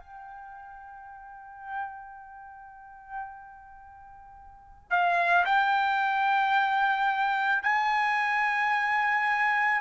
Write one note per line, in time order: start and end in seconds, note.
0.00 4.90 G5
4.90 5.45 F5
5.45 7.63 G5
7.63 9.81 G#5